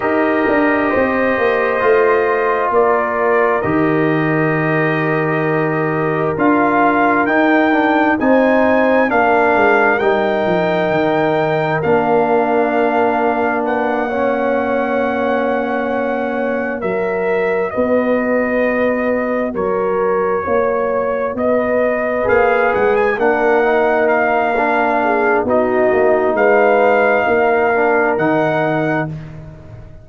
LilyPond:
<<
  \new Staff \with { instrumentName = "trumpet" } { \time 4/4 \tempo 4 = 66 dis''2. d''4 | dis''2. f''4 | g''4 gis''4 f''4 g''4~ | g''4 f''2 fis''4~ |
fis''2~ fis''8 e''4 dis''8~ | dis''4. cis''2 dis''8~ | dis''8 f''8 fis''16 gis''16 fis''4 f''4. | dis''4 f''2 fis''4 | }
  \new Staff \with { instrumentName = "horn" } { \time 4/4 ais'4 c''2 ais'4~ | ais'1~ | ais'4 c''4 ais'2~ | ais'2. b'8 cis''8~ |
cis''2~ cis''8 ais'4 b'8~ | b'4. ais'4 cis''4 b'8~ | b'4. ais'2 gis'8 | fis'4 b'4 ais'2 | }
  \new Staff \with { instrumentName = "trombone" } { \time 4/4 g'2 f'2 | g'2. f'4 | dis'8 d'8 dis'4 d'4 dis'4~ | dis'4 d'2~ d'8 cis'8~ |
cis'2~ cis'8 fis'4.~ | fis'1~ | fis'8 gis'4 d'8 dis'4 d'4 | dis'2~ dis'8 d'8 dis'4 | }
  \new Staff \with { instrumentName = "tuba" } { \time 4/4 dis'8 d'8 c'8 ais8 a4 ais4 | dis2. d'4 | dis'4 c'4 ais8 gis8 g8 f8 | dis4 ais2.~ |
ais2~ ais8 fis4 b8~ | b4. fis4 ais4 b8~ | b8 ais8 gis8 ais2~ ais8 | b8 ais8 gis4 ais4 dis4 | }
>>